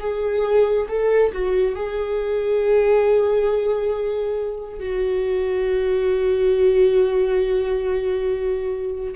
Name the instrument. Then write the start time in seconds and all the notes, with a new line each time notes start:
viola
0.00 G#4
0.89 A4
1.32 F#4
1.75 G#4
4.79 F#4